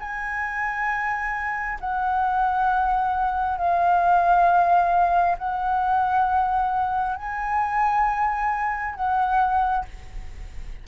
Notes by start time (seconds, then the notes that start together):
0.00 G#5
1.80 F#5
3.58 F5
5.39 F#5
7.17 G#5
8.96 F#5